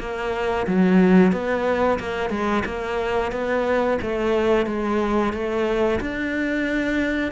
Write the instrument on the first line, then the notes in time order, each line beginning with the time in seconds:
cello
0.00 A#3
0.68 F#3
1.33 B3
2.00 A#3
2.30 G#3
2.66 A#3
3.32 B3
4.02 A3
4.67 G#3
5.33 A3
6.01 D4